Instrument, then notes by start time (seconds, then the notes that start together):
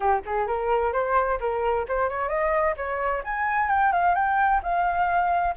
flute
0.00 G4
0.25 G#4
0.47 A#4
0.93 C5
1.40 A#4
1.88 C5
2.09 C#5
2.28 D#5
2.77 C#5
3.24 G#5
3.69 G5
3.92 F5
4.14 G5
4.62 F5